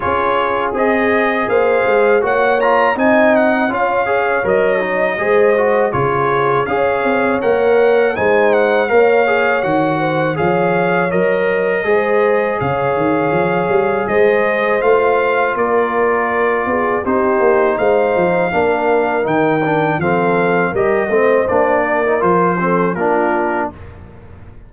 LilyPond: <<
  \new Staff \with { instrumentName = "trumpet" } { \time 4/4 \tempo 4 = 81 cis''4 dis''4 f''4 fis''8 ais''8 | gis''8 fis''8 f''4 dis''2 | cis''4 f''4 fis''4 gis''8 fis''8 | f''4 fis''4 f''4 dis''4~ |
dis''4 f''2 dis''4 | f''4 d''2 c''4 | f''2 g''4 f''4 | dis''4 d''4 c''4 ais'4 | }
  \new Staff \with { instrumentName = "horn" } { \time 4/4 gis'2 c''4 cis''4 | dis''4 cis''2 c''4 | gis'4 cis''2 c''4 | cis''4. c''8 cis''2 |
c''4 cis''2 c''4~ | c''4 ais'4. gis'8 g'4 | c''4 ais'2 a'4 | ais'8 c''4 ais'4 a'8 f'4 | }
  \new Staff \with { instrumentName = "trombone" } { \time 4/4 f'4 gis'2 fis'8 f'8 | dis'4 f'8 gis'8 ais'8 dis'8 gis'8 fis'8 | f'4 gis'4 ais'4 dis'4 | ais'8 gis'8 fis'4 gis'4 ais'4 |
gis'1 | f'2. dis'4~ | dis'4 d'4 dis'8 d'8 c'4 | g'8 c'8 d'8. dis'16 f'8 c'8 d'4 | }
  \new Staff \with { instrumentName = "tuba" } { \time 4/4 cis'4 c'4 ais8 gis8 ais4 | c'4 cis'4 fis4 gis4 | cis4 cis'8 c'8 ais4 gis4 | ais4 dis4 f4 fis4 |
gis4 cis8 dis8 f8 g8 gis4 | a4 ais4. b8 c'8 ais8 | gis8 f8 ais4 dis4 f4 | g8 a8 ais4 f4 ais4 | }
>>